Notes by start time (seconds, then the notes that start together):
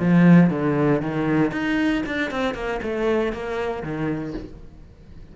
0.00 F3
0.51 D3
1.02 D#3
1.52 D#4
2.07 D4
2.31 C4
2.55 A#3
2.83 A3
3.33 A#3
3.83 D#3